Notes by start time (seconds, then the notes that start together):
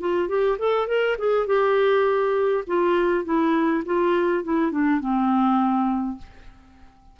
0.00 F4
0.28 G4
0.58 A4
0.87 A#4
1.18 G#4
1.47 G4
2.67 F4
3.24 E4
3.85 F4
4.44 E4
4.71 D4
5.00 C4